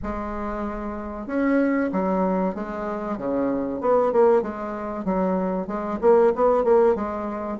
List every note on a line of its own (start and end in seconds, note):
0.02 1.26 G#3
1.26 1.89 C#4
1.92 2.54 F#3
2.54 3.17 G#3
3.17 3.80 C#3
3.80 4.12 B3
4.12 4.42 A#3
4.42 5.04 G#3
5.04 5.67 F#3
5.67 5.98 G#3
6.01 6.32 A#3
6.35 6.63 B3
6.63 6.95 A#3
6.95 7.58 G#3